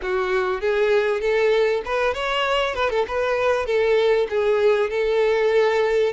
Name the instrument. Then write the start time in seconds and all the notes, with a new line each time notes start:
violin
0.01 F#4
0.61 G#4
1.21 A4
1.85 B4
2.13 C#5
2.74 B4
2.90 A4
3.07 B4
3.66 A4
4.29 G#4
4.90 A4